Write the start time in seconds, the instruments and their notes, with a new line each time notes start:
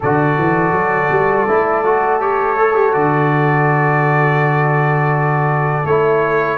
0.00 tuba D3, trombone F#4, horn A4, trumpet D5
0.38 tuba E3
0.71 tuba F#3
1.11 tuba G3
1.48 tuba A3, trombone E4
1.84 trombone F#4
2.20 trombone G4, trumpet C#5
2.57 trombone A4
2.73 trombone G4
2.91 tuba D3, trombone F#4, trumpet D5
5.84 tuba A3, trombone E4, trumpet C#5